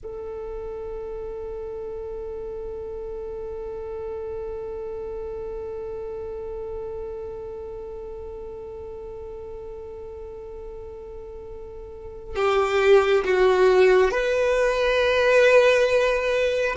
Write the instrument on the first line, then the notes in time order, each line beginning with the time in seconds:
violin
0.03 A4
12.35 G4
13.24 F#4
14.11 B4